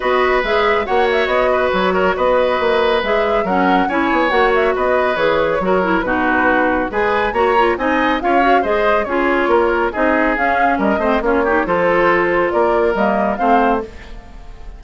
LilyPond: <<
  \new Staff \with { instrumentName = "flute" } { \time 4/4 \tempo 4 = 139 dis''4 e''4 fis''8 e''8 dis''4 | cis''4 dis''2 e''4 | fis''4 gis''4 fis''8 e''8 dis''4 | cis''2 b'2 |
gis''4 ais''4 gis''4 f''4 | dis''4 cis''2 dis''4 | f''4 dis''4 cis''4 c''4~ | c''4 d''4 dis''4 f''4 | }
  \new Staff \with { instrumentName = "oboe" } { \time 4/4 b'2 cis''4. b'8~ | b'8 ais'8 b'2. | ais'4 cis''2 b'4~ | b'4 ais'4 fis'2 |
b'4 cis''4 dis''4 cis''4 | c''4 gis'4 ais'4 gis'4~ | gis'4 ais'8 c''8 f'8 g'8 a'4~ | a'4 ais'2 c''4 | }
  \new Staff \with { instrumentName = "clarinet" } { \time 4/4 fis'4 gis'4 fis'2~ | fis'2. gis'4 | cis'4 e'4 fis'2 | gis'4 fis'8 e'8 dis'2 |
gis'4 fis'8 f'8 dis'4 f'8 fis'8 | gis'4 f'2 dis'4 | cis'4. c'8 cis'8 dis'8 f'4~ | f'2 ais4 c'4 | }
  \new Staff \with { instrumentName = "bassoon" } { \time 4/4 b4 gis4 ais4 b4 | fis4 b4 ais4 gis4 | fis4 cis'8 b8 ais4 b4 | e4 fis4 b,2 |
gis4 ais4 c'4 cis'4 | gis4 cis'4 ais4 c'4 | cis'4 g8 a8 ais4 f4~ | f4 ais4 g4 a4 | }
>>